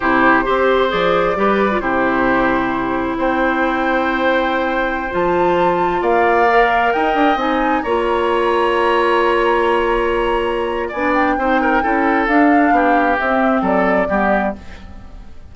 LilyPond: <<
  \new Staff \with { instrumentName = "flute" } { \time 4/4 \tempo 4 = 132 c''2 d''2 | c''2. g''4~ | g''2.~ g''16 a''8.~ | a''4~ a''16 f''2 g''8.~ |
g''16 gis''4 ais''2~ ais''8.~ | ais''1 | gis''8 g''2~ g''8 f''4~ | f''4 e''4 d''2 | }
  \new Staff \with { instrumentName = "oboe" } { \time 4/4 g'4 c''2 b'4 | g'2. c''4~ | c''1~ | c''4~ c''16 d''2 dis''8.~ |
dis''4~ dis''16 cis''2~ cis''8.~ | cis''1 | d''4 c''8 ais'8 a'2 | g'2 a'4 g'4 | }
  \new Staff \with { instrumentName = "clarinet" } { \time 4/4 e'4 g'4 gis'4 g'8. f'16 | e'1~ | e'2.~ e'16 f'8.~ | f'2~ f'16 ais'4.~ ais'16~ |
ais'16 dis'4 f'2~ f'8.~ | f'1 | d'4 dis'4 e'4 d'4~ | d'4 c'2 b4 | }
  \new Staff \with { instrumentName = "bassoon" } { \time 4/4 c4 c'4 f4 g4 | c2. c'4~ | c'2.~ c'16 f8.~ | f4~ f16 ais2 dis'8 d'16~ |
d'16 c'4 ais2~ ais8.~ | ais1 | b4 c'4 cis'4 d'4 | b4 c'4 fis4 g4 | }
>>